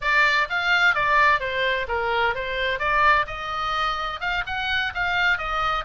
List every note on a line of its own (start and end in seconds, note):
0.01 0.48 D5
0.49 0.94 F5
0.94 1.40 D5
1.40 1.86 C5
1.87 2.34 A#4
2.34 2.79 C5
2.79 3.26 D5
3.26 4.20 D#5
4.20 4.43 F5
4.46 4.93 F#5
4.94 5.38 F5
5.38 5.85 D#5